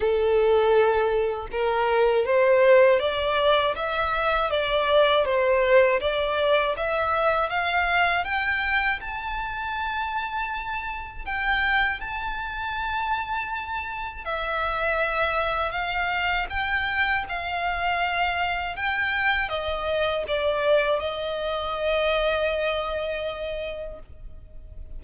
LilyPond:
\new Staff \with { instrumentName = "violin" } { \time 4/4 \tempo 4 = 80 a'2 ais'4 c''4 | d''4 e''4 d''4 c''4 | d''4 e''4 f''4 g''4 | a''2. g''4 |
a''2. e''4~ | e''4 f''4 g''4 f''4~ | f''4 g''4 dis''4 d''4 | dis''1 | }